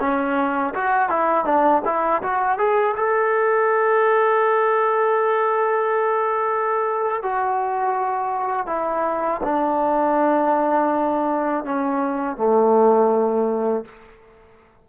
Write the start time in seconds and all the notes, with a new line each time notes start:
0.00 C#4
0.74 F#4
1.10 E4
1.46 D4
1.86 E4
2.23 F#4
2.59 G#4
2.97 A4
7.23 F#4
8.67 E4
9.44 D4
11.65 C#4
12.37 A3